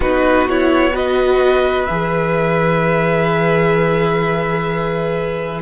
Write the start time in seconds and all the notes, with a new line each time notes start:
0.00 B3 D#4 F#4 B4
0.48 E4 C#5
0.92 F#4 B4 D#5
1.85 E3 G#4 E5